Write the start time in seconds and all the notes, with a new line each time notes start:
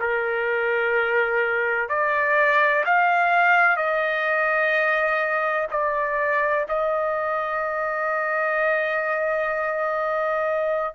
0.00 A#4
1.89 D5
2.86 F5
3.77 D#5
5.71 D5
6.69 D#5